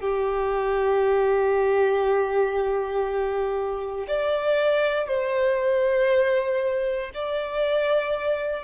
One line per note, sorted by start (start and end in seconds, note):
0.00 4.07 G4
4.08 5.08 D5
5.08 7.11 C5
7.14 8.63 D5